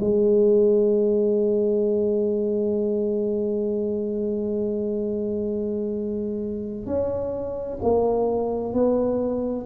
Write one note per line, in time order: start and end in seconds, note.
0.00 6.86 G#3
6.86 7.79 C#4
7.82 8.74 A#3
8.74 9.66 B3